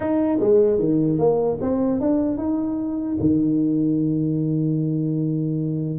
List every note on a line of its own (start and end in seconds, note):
0.00 0.38 D#4
0.40 0.79 G#3
0.79 1.18 D#3
1.18 1.58 A#3
1.61 2.00 C4
2.00 2.37 D4
2.37 3.17 D#4
3.20 5.99 D#3